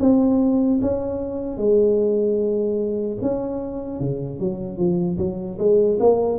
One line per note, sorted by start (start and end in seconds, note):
0.00 0.80 C4
0.82 1.57 C#4
1.57 3.17 G#3
3.22 4.00 C#4
4.00 4.40 C#3
4.40 4.78 F#3
4.78 5.18 F3
5.18 5.58 F#3
5.59 5.99 G#3
6.00 6.39 A#3